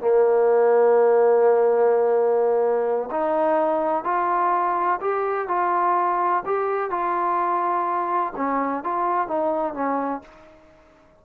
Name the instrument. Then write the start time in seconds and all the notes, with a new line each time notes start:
trombone
0.00 A#3
3.10 D#4
4.04 F4
5.01 G4
5.48 F4
6.45 G4
6.90 F4
8.36 C#4
8.84 F4
9.27 D#4
9.74 C#4